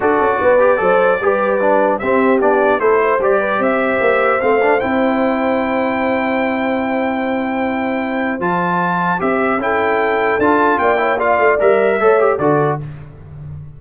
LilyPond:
<<
  \new Staff \with { instrumentName = "trumpet" } { \time 4/4 \tempo 4 = 150 d''1~ | d''4 e''4 d''4 c''4 | d''4 e''2 f''4 | g''1~ |
g''1~ | g''4 a''2 e''4 | g''2 a''4 g''4 | f''4 e''2 d''4 | }
  \new Staff \with { instrumentName = "horn" } { \time 4/4 a'4 b'4 c''4 b'4~ | b'4 g'2 a'8 c''8~ | c''8 b'8 c''2.~ | c''1~ |
c''1~ | c''1 | a'2. d''8 cis''8 | d''2 cis''4 a'4 | }
  \new Staff \with { instrumentName = "trombone" } { \time 4/4 fis'4. g'8 a'4 g'4 | d'4 c'4 d'4 e'4 | g'2. c'8 d'8 | e'1~ |
e'1~ | e'4 f'2 g'4 | e'2 f'4. e'8 | f'4 ais'4 a'8 g'8 fis'4 | }
  \new Staff \with { instrumentName = "tuba" } { \time 4/4 d'8 cis'8 b4 fis4 g4~ | g4 c'4 b4 a4 | g4 c'4 ais4 a4 | c'1~ |
c'1~ | c'4 f2 c'4 | cis'2 d'4 ais4~ | ais8 a8 g4 a4 d4 | }
>>